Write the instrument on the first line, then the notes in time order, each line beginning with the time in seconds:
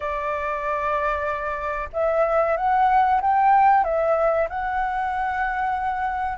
flute
0.00 D5
1.93 E5
2.56 F#5
3.21 G5
3.84 E5
4.49 F#5